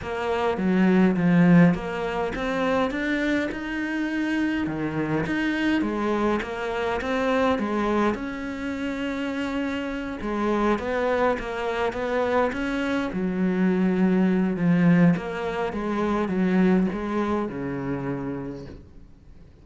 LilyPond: \new Staff \with { instrumentName = "cello" } { \time 4/4 \tempo 4 = 103 ais4 fis4 f4 ais4 | c'4 d'4 dis'2 | dis4 dis'4 gis4 ais4 | c'4 gis4 cis'2~ |
cis'4. gis4 b4 ais8~ | ais8 b4 cis'4 fis4.~ | fis4 f4 ais4 gis4 | fis4 gis4 cis2 | }